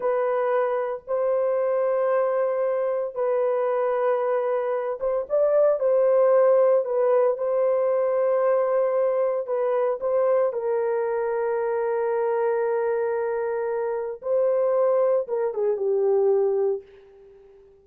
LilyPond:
\new Staff \with { instrumentName = "horn" } { \time 4/4 \tempo 4 = 114 b'2 c''2~ | c''2 b'2~ | b'4. c''8 d''4 c''4~ | c''4 b'4 c''2~ |
c''2 b'4 c''4 | ais'1~ | ais'2. c''4~ | c''4 ais'8 gis'8 g'2 | }